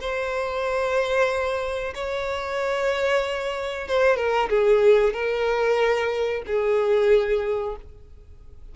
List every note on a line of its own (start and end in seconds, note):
0.00 1.94 C5
1.94 3.87 C#5
3.87 4.16 C5
4.16 4.49 A#4
4.49 5.13 G#4
5.13 6.42 A#4
6.46 7.75 G#4